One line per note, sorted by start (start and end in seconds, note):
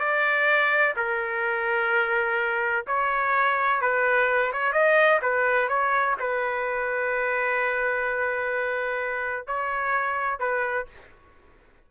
0.00 0.94 D5
0.97 2.86 A#4
2.88 3.82 C#5
3.82 4.53 B4
4.53 4.73 C#5
4.73 5.20 D#5
5.22 5.69 B4
5.69 6.16 C#5
6.20 9.47 B4
9.47 10.40 C#5
10.40 10.87 B4